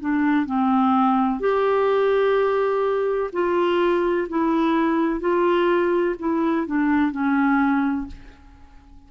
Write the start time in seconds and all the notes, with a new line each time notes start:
0.00 D4
0.46 C4
1.40 G4
3.32 F4
4.29 E4
5.20 F4
6.19 E4
6.67 D4
7.12 C#4